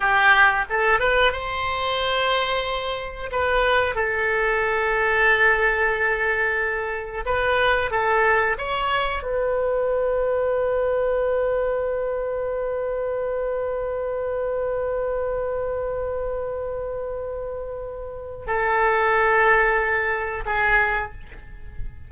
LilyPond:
\new Staff \with { instrumentName = "oboe" } { \time 4/4 \tempo 4 = 91 g'4 a'8 b'8 c''2~ | c''4 b'4 a'2~ | a'2. b'4 | a'4 cis''4 b'2~ |
b'1~ | b'1~ | b'1 | a'2. gis'4 | }